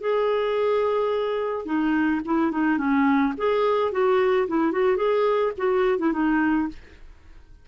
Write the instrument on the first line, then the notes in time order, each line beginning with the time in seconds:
clarinet
0.00 G#4
1.65 D#4
2.25 E4
2.51 D#4
2.78 C#4
3.37 G#4
3.92 F#4
4.48 E4
4.71 F#4
4.96 G#4
5.57 F#4
5.98 E4
6.12 D#4